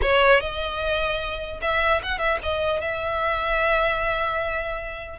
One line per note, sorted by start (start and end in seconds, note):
0.02 0.40 C#5
0.40 1.60 D#5
1.61 2.01 E5
2.02 2.18 F#5
2.18 2.38 E5
2.43 2.80 D#5
2.80 5.19 E5